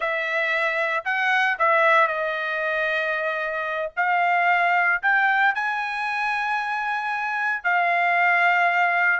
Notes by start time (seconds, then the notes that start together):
0.00 E5
1.05 F#5
1.59 E5
2.07 D#5
3.96 F5
5.02 G5
5.54 G#5
7.63 F5